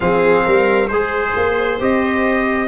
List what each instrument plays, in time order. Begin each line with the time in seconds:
0.00 tuba F3, trombone C4, viola G#4, trumpet F5
0.45 tuba G3, viola A#4
0.88 tuba G#3, trombone G#4, trumpet C5, viola C5
1.35 tuba A#3
1.79 tuba C4, trombone G4, trumpet D#5